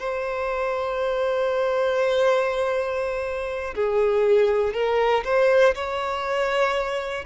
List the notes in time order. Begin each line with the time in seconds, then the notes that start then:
0.00 C5
3.75 G#4
4.74 A#4
5.25 C5
5.75 C#5